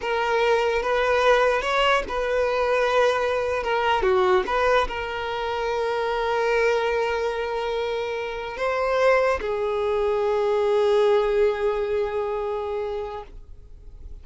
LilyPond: \new Staff \with { instrumentName = "violin" } { \time 4/4 \tempo 4 = 145 ais'2 b'2 | cis''4 b'2.~ | b'8. ais'4 fis'4 b'4 ais'16~ | ais'1~ |
ais'1~ | ais'8. c''2 gis'4~ gis'16~ | gis'1~ | gis'1 | }